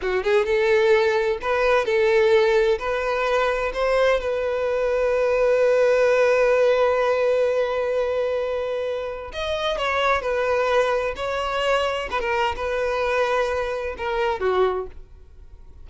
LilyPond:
\new Staff \with { instrumentName = "violin" } { \time 4/4 \tempo 4 = 129 fis'8 gis'8 a'2 b'4 | a'2 b'2 | c''4 b'2.~ | b'1~ |
b'1 | dis''4 cis''4 b'2 | cis''2 b'16 ais'8. b'4~ | b'2 ais'4 fis'4 | }